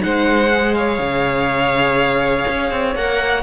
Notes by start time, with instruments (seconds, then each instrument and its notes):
0.00 cello G#3, viola D#4, violin C5 F#5
0.54 viola G#4
0.75 violin C#5 F5
0.99 cello C#3
2.48 cello C#4
2.71 cello C4
2.96 cello A#3, viola A#4, violin F#5